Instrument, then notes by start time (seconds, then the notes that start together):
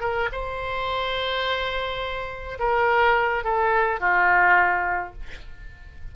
oboe
0.00 A#4
0.32 C5
2.59 A#4
3.43 A4
3.99 F4